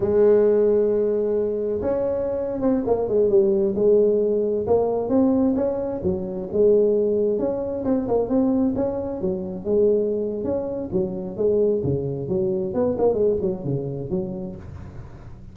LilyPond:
\new Staff \with { instrumentName = "tuba" } { \time 4/4 \tempo 4 = 132 gis1 | cis'4.~ cis'16 c'8 ais8 gis8 g8.~ | g16 gis2 ais4 c'8.~ | c'16 cis'4 fis4 gis4.~ gis16~ |
gis16 cis'4 c'8 ais8 c'4 cis'8.~ | cis'16 fis4 gis4.~ gis16 cis'4 | fis4 gis4 cis4 fis4 | b8 ais8 gis8 fis8 cis4 fis4 | }